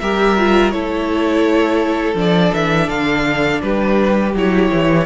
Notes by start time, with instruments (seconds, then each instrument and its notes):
0.00 cello G3, viola G4, violin A#4 E5
0.39 viola F4
0.71 cello A3, viola E4, violin A4 C#5
2.15 cello F3, viola D4
2.21 violin D5
2.54 cello E3, violin E5
2.89 cello D3, violin F5
3.62 cello G3, violin G4 B4
4.34 cello F#3, viola E4, violin C#5
4.72 cello E3